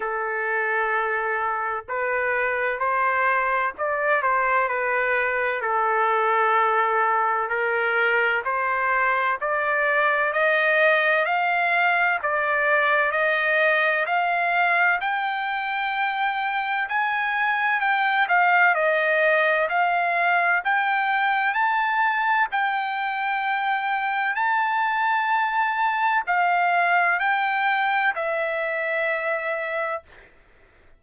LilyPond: \new Staff \with { instrumentName = "trumpet" } { \time 4/4 \tempo 4 = 64 a'2 b'4 c''4 | d''8 c''8 b'4 a'2 | ais'4 c''4 d''4 dis''4 | f''4 d''4 dis''4 f''4 |
g''2 gis''4 g''8 f''8 | dis''4 f''4 g''4 a''4 | g''2 a''2 | f''4 g''4 e''2 | }